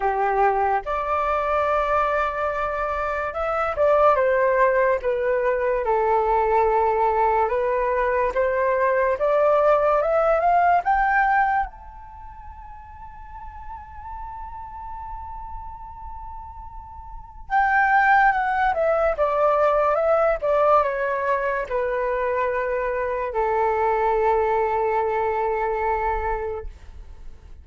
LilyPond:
\new Staff \with { instrumentName = "flute" } { \time 4/4 \tempo 4 = 72 g'4 d''2. | e''8 d''8 c''4 b'4 a'4~ | a'4 b'4 c''4 d''4 | e''8 f''8 g''4 a''2~ |
a''1~ | a''4 g''4 fis''8 e''8 d''4 | e''8 d''8 cis''4 b'2 | a'1 | }